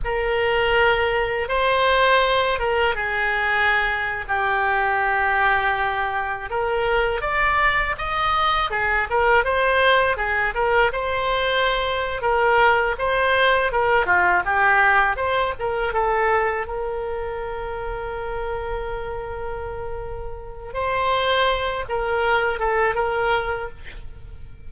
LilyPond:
\new Staff \with { instrumentName = "oboe" } { \time 4/4 \tempo 4 = 81 ais'2 c''4. ais'8 | gis'4.~ gis'16 g'2~ g'16~ | g'8. ais'4 d''4 dis''4 gis'16~ | gis'16 ais'8 c''4 gis'8 ais'8 c''4~ c''16~ |
c''8 ais'4 c''4 ais'8 f'8 g'8~ | g'8 c''8 ais'8 a'4 ais'4.~ | ais'1 | c''4. ais'4 a'8 ais'4 | }